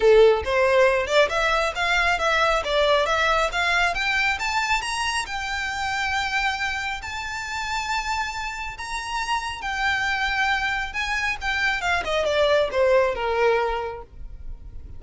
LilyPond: \new Staff \with { instrumentName = "violin" } { \time 4/4 \tempo 4 = 137 a'4 c''4. d''8 e''4 | f''4 e''4 d''4 e''4 | f''4 g''4 a''4 ais''4 | g''1 |
a''1 | ais''2 g''2~ | g''4 gis''4 g''4 f''8 dis''8 | d''4 c''4 ais'2 | }